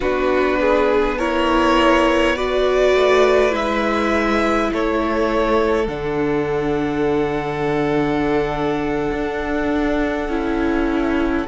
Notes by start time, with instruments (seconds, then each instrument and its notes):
0.00 cello B3, viola D4, violin F#4 B4
0.60 violin G#4
1.18 viola E4, violin A#4 C#5
2.35 viola F#4, violin B4 D5
2.94 cello A3
3.50 cello G#3, viola E4, violin E5
4.72 cello A3, violin A4 C#5
5.87 cello D3, viola D4, violin F#5
9.11 cello D4
10.28 cello C#4, viola E4